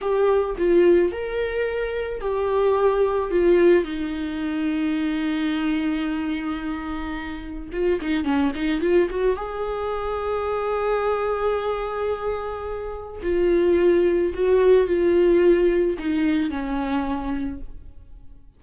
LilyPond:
\new Staff \with { instrumentName = "viola" } { \time 4/4 \tempo 4 = 109 g'4 f'4 ais'2 | g'2 f'4 dis'4~ | dis'1~ | dis'2 f'8 dis'8 cis'8 dis'8 |
f'8 fis'8 gis'2.~ | gis'1 | f'2 fis'4 f'4~ | f'4 dis'4 cis'2 | }